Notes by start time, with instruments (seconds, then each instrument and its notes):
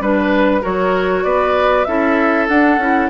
0.00 bassoon G3, clarinet D4, oboe B4, flute B4
0.61 bassoon F#3, clarinet F#4, oboe A#4, flute C#5
1.23 bassoon B3, oboe B4, flute D5
1.85 bassoon C#4, clarinet E4, oboe A4, flute E5
2.48 bassoon D4, clarinet D4, flute F#5
2.77 bassoon C#4, clarinet E4